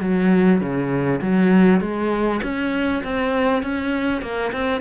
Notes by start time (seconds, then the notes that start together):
0.00 F#3
0.61 C#3
1.21 F#3
1.81 G#3
2.43 C#4
3.04 C4
3.62 C#4
4.21 A#3
4.52 C4